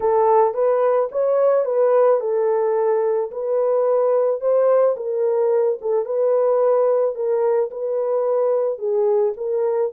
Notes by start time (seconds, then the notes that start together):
0.00 A4
0.54 B4
1.11 C#5
1.65 B4
2.20 A4
3.31 B4
4.40 C5
4.96 A#4
5.81 A4
6.05 B4
7.15 A#4
7.70 B4
8.78 G#4
9.37 A#4